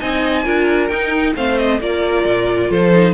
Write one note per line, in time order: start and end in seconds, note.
0.00 0.46 C4
0.00 0.44 D#4
0.00 0.44 D#5
0.00 0.88 G#5
0.44 0.91 D4
0.44 0.89 F4
0.44 1.34 A#4
0.88 1.36 D#4
0.88 1.33 G5
1.36 1.81 A3
1.36 1.81 C4
1.36 1.81 C5
1.36 1.59 F5
1.59 1.81 D#5
1.81 2.25 A#3
1.81 2.92 F4
1.81 2.71 A#4
1.81 2.71 D5
2.26 2.71 A#2
2.71 3.14 F3
2.71 3.14 A4
2.71 3.14 C5
2.92 3.14 D#4